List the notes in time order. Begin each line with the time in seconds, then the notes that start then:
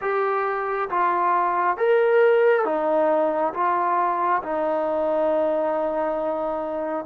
0.01 G4
0.89 F4
1.77 A#4
2.65 D#4
3.53 F4
4.42 D#4